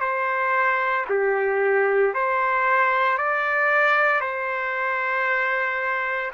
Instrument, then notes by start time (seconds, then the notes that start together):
trumpet
0.00 C5
1.09 G4
2.14 C5
3.17 D5
4.20 C5